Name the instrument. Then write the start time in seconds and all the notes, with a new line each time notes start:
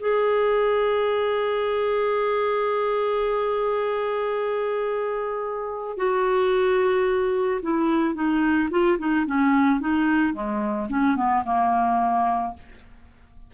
clarinet
0.00 G#4
5.98 F#4
7.63 E4
8.15 D#4
8.71 F4
8.99 D#4
9.27 C#4
9.80 D#4
10.33 G#3
10.89 C#4
11.16 B3
11.45 A#3